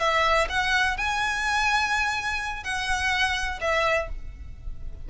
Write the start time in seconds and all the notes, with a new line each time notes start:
0.00 E5
0.49 F#5
0.97 G#5
2.64 F#5
3.61 E5